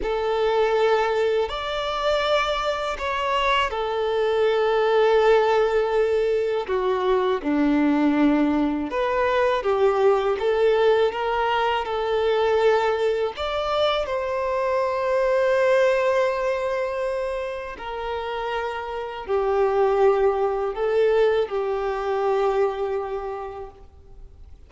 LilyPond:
\new Staff \with { instrumentName = "violin" } { \time 4/4 \tempo 4 = 81 a'2 d''2 | cis''4 a'2.~ | a'4 fis'4 d'2 | b'4 g'4 a'4 ais'4 |
a'2 d''4 c''4~ | c''1 | ais'2 g'2 | a'4 g'2. | }